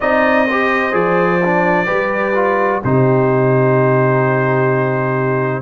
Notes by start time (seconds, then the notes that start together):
0.00 C4 D#4 D5 D#5
0.46 G4 C5
0.92 F3 G#4 D5
1.45 D4
1.86 G3 G4 B4
2.35 F4
2.83 C3 D#4 G4 C5